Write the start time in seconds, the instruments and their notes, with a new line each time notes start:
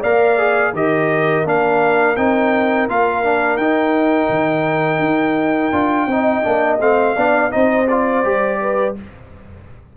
0.00 tuba A#3, trombone A#4, horn D5, trumpet F5
0.38 trombone G#4
0.72 tuba D#3, trombone G4, horn A#4, trumpet D#5
1.45 tuba A#3, trombone D4, trumpet F5
2.16 tuba C4, trombone D#4, trumpet G5
2.88 tuba A#3, trombone F4, trumpet F5
3.24 trombone D4
3.57 tuba D#4, trombone D#4, trumpet G5
4.29 tuba D#3
4.99 tuba D#4
5.72 tuba D4, trombone F4
6.06 tuba C4, trombone D#4, horn D#5
6.43 tuba A#3, trombone D4
6.80 tuba A3, trombone C4, trumpet F5
7.16 tuba B3, trombone D4, horn D5
7.50 tuba C4, trombone D#4, horn C5, trumpet D#5
7.88 trombone F4, trumpet D5
8.24 tuba G3, trombone G4
8.61 horn B4